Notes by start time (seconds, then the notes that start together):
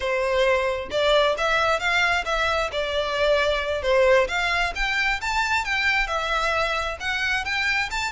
0.00 C5
0.90 D5
1.37 E5
1.79 F5
2.25 E5
2.72 D5
3.82 C5
4.28 F5
4.75 G5
5.21 A5
5.65 G5
6.07 E5
6.99 F#5
7.44 G5
7.91 A5